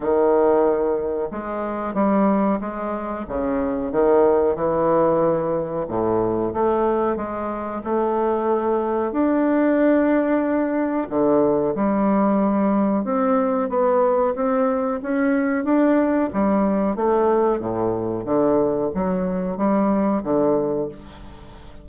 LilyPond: \new Staff \with { instrumentName = "bassoon" } { \time 4/4 \tempo 4 = 92 dis2 gis4 g4 | gis4 cis4 dis4 e4~ | e4 a,4 a4 gis4 | a2 d'2~ |
d'4 d4 g2 | c'4 b4 c'4 cis'4 | d'4 g4 a4 a,4 | d4 fis4 g4 d4 | }